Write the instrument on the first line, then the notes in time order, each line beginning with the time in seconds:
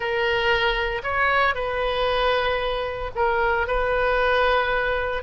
oboe
0.00 A#4
1.03 C#5
1.54 B4
3.15 A#4
3.67 B4